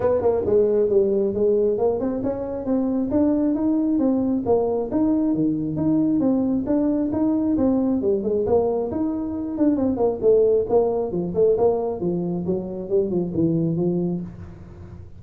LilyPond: \new Staff \with { instrumentName = "tuba" } { \time 4/4 \tempo 4 = 135 b8 ais8 gis4 g4 gis4 | ais8 c'8 cis'4 c'4 d'4 | dis'4 c'4 ais4 dis'4 | dis4 dis'4 c'4 d'4 |
dis'4 c'4 g8 gis8 ais4 | dis'4. d'8 c'8 ais8 a4 | ais4 f8 a8 ais4 f4 | fis4 g8 f8 e4 f4 | }